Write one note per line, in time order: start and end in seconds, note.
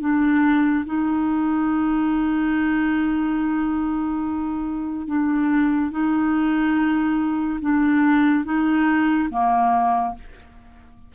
0.00 0.85 D4
0.85 5.07 D#4
5.07 5.91 D4
5.91 7.60 D#4
7.61 8.44 D4
8.44 9.29 D#4
9.30 10.14 A#3